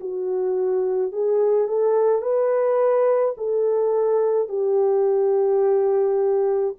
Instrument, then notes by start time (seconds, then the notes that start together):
horn
0.00 F#4
1.12 G#4
1.68 A4
2.22 B4
3.38 A4
4.49 G4